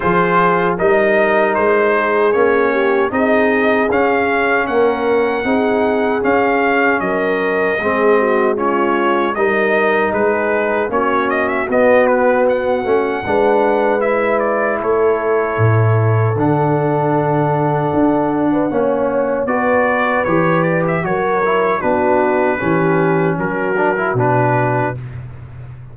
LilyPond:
<<
  \new Staff \with { instrumentName = "trumpet" } { \time 4/4 \tempo 4 = 77 c''4 dis''4 c''4 cis''4 | dis''4 f''4 fis''2 | f''4 dis''2 cis''4 | dis''4 b'4 cis''8 dis''16 e''16 dis''8 b'8 |
fis''2 e''8 d''8 cis''4~ | cis''4 fis''2.~ | fis''4 d''4 cis''8 d''16 e''16 cis''4 | b'2 ais'4 b'4 | }
  \new Staff \with { instrumentName = "horn" } { \time 4/4 gis'4 ais'4. gis'4 g'8 | gis'2 ais'4 gis'4~ | gis'4 ais'4 gis'8 fis'8 f'4 | ais'4 gis'4 fis'2~ |
fis'4 b'2 a'4~ | a'2.~ a'8. b'16 | cis''4 b'2 ais'4 | fis'4 g'4 fis'2 | }
  \new Staff \with { instrumentName = "trombone" } { \time 4/4 f'4 dis'2 cis'4 | dis'4 cis'2 dis'4 | cis'2 c'4 cis'4 | dis'2 cis'4 b4~ |
b8 cis'8 d'4 e'2~ | e'4 d'2. | cis'4 fis'4 g'4 fis'8 e'8 | d'4 cis'4. d'16 e'16 d'4 | }
  \new Staff \with { instrumentName = "tuba" } { \time 4/4 f4 g4 gis4 ais4 | c'4 cis'4 ais4 c'4 | cis'4 fis4 gis2 | g4 gis4 ais4 b4~ |
b8 a8 gis2 a4 | a,4 d2 d'4 | ais4 b4 e4 fis4 | b4 e4 fis4 b,4 | }
>>